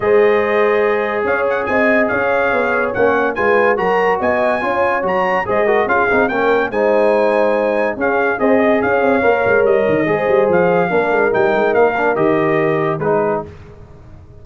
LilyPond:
<<
  \new Staff \with { instrumentName = "trumpet" } { \time 4/4 \tempo 4 = 143 dis''2. f''8 fis''8 | gis''4 f''2 fis''4 | gis''4 ais''4 gis''2 | ais''4 dis''4 f''4 g''4 |
gis''2. f''4 | dis''4 f''2 dis''4~ | dis''4 f''2 g''4 | f''4 dis''2 b'4 | }
  \new Staff \with { instrumentName = "horn" } { \time 4/4 c''2. cis''4 | dis''4 cis''2. | b'4 ais'4 dis''4 cis''4~ | cis''4 c''8 ais'8 gis'4 ais'4 |
c''2. gis'4 | c''8 dis''8 cis''2. | c''2 ais'2~ | ais'2. gis'4 | }
  \new Staff \with { instrumentName = "trombone" } { \time 4/4 gis'1~ | gis'2. cis'4 | f'4 fis'2 f'4 | fis'4 gis'8 fis'8 f'8 dis'8 cis'4 |
dis'2. cis'4 | gis'2 ais'2 | gis'2 d'4 dis'4~ | dis'8 d'8 g'2 dis'4 | }
  \new Staff \with { instrumentName = "tuba" } { \time 4/4 gis2. cis'4 | c'4 cis'4 b4 ais4 | gis4 fis4 b4 cis'4 | fis4 gis4 cis'8 c'8 ais4 |
gis2. cis'4 | c'4 cis'8 c'8 ais8 gis8 g8 dis8 | gis8 g8 f4 ais8 gis8 g8 gis8 | ais4 dis2 gis4 | }
>>